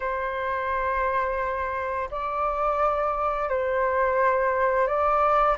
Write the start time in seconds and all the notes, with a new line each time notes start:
0.00 C5
2.11 D5
3.49 C5
4.87 D5